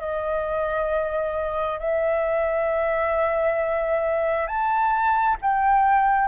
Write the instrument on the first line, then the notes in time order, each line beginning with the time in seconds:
flute
0.00 D#5
1.79 E5
4.47 A5
5.41 G5